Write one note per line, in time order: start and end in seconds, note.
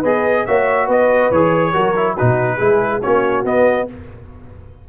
0.00 0.47 B3
0.00 0.47 G#4
0.00 0.43 B4
0.00 0.46 D#5
0.46 0.88 A#3
0.46 1.33 F#4
0.46 0.87 C#5
0.46 0.89 E5
0.87 1.31 B3
0.87 1.72 B4
0.87 1.32 D#5
1.31 1.74 E3
1.31 1.73 G#4
1.31 2.17 C#5
1.73 2.19 F#3
1.73 1.95 F#4
1.73 2.16 A#4
1.96 2.17 E4
2.16 2.61 B2
2.16 2.59 D#4
2.16 2.57 F#4
2.16 3.02 B4
2.57 3.03 G#3
2.57 3.02 E4
2.57 3.00 G#4
3.02 3.44 A#3
3.02 3.45 C#4
3.02 3.88 F#4
3.02 3.45 C#5
3.44 3.87 B3
3.44 3.88 B3
3.44 3.89 D#5